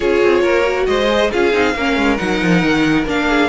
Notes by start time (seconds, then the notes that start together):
0.00 C#4 F4 G#4 C#5
0.23 C4
0.41 A#3 A#4
0.64 F#4
0.86 G#3 C5 D#5
1.09 G#4
1.30 C#4 F4 G#4 F5
1.52 C4 D#4
1.74 A#3 C#4 A#4
1.96 G#3
2.17 F#3 D#4 F#5
2.41 F3
2.62 D#3
3.06 A#3 D4 F5
3.28 G#4